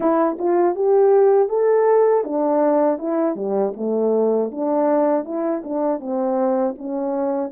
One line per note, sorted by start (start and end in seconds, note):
0.00 0.38 E4
0.38 0.75 F4
0.75 1.49 G4
1.49 2.24 A4
2.24 2.98 D4
2.98 3.35 E4
3.35 3.73 G3
3.76 4.51 A3
4.51 5.25 D4
5.25 5.62 E4
5.64 6.00 D4
6.00 6.75 C4
6.78 7.51 C#4